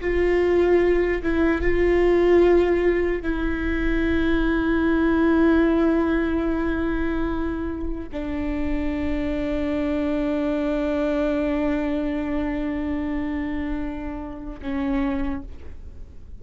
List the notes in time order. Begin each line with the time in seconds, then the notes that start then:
0.00 F4
1.22 E4
1.61 F4
3.22 E4
8.12 D4
14.61 C#4